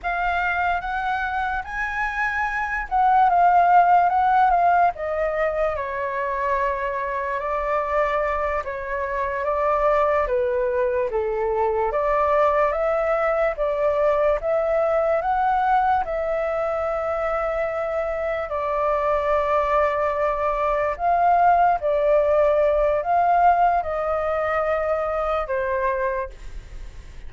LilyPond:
\new Staff \with { instrumentName = "flute" } { \time 4/4 \tempo 4 = 73 f''4 fis''4 gis''4. fis''8 | f''4 fis''8 f''8 dis''4 cis''4~ | cis''4 d''4. cis''4 d''8~ | d''8 b'4 a'4 d''4 e''8~ |
e''8 d''4 e''4 fis''4 e''8~ | e''2~ e''8 d''4.~ | d''4. f''4 d''4. | f''4 dis''2 c''4 | }